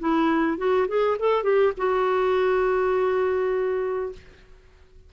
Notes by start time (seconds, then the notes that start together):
0.00 E4
0.58 F#4
0.88 G#4
1.20 A4
1.44 G4
1.78 F#4